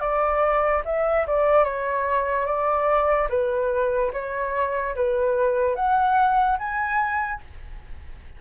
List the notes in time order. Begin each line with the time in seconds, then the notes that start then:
0.00 D5
0.85 E5
1.27 D5
1.64 C#5
2.46 D5
3.30 B4
4.13 C#5
4.95 B4
5.75 F#5
6.59 G#5